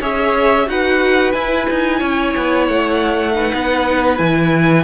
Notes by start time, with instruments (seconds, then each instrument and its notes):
0.00 cello C#4, viola G#4, violin C#5 E5
0.66 cello D#4, viola F#4, violin B4 F#5
1.32 cello E4, viola E4, violin G#5
1.70 cello D#4
2.00 cello C#4, violin C#5
2.37 cello B3
2.68 cello A3, violin F#5
3.34 viola D#4, violin B4
3.53 cello B3
4.17 cello E3, viola E4, violin G#5